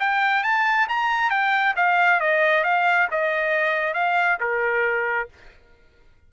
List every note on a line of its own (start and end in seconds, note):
0.00 0.43 G5
0.43 0.87 A5
0.88 1.30 A#5
1.30 1.74 G5
1.76 2.20 F5
2.20 2.64 D#5
2.64 3.08 F5
3.11 3.94 D#5
3.94 4.38 F5
4.40 5.29 A#4